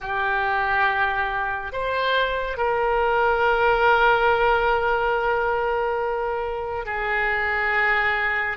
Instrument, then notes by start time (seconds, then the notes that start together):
oboe
0.00 G4
1.72 C5
2.57 A#4
6.85 G#4